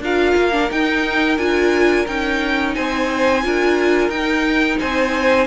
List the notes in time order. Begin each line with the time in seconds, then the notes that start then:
0.00 D4 F4 A#4 F5
0.36 A#3
0.52 D4
0.69 D#4 G5
1.37 D4 F4 G#5
2.07 C#4 D#4 G5
2.74 C4 C5 G#5
3.42 D4 F4 A#4
4.09 D#4 G5
4.79 C4 C5 G#5